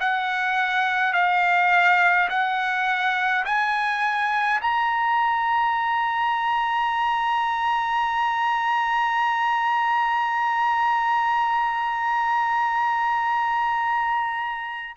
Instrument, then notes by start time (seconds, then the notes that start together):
trumpet
0.00 F#5
1.13 F5
2.30 F#5
3.46 G#5
4.62 A#5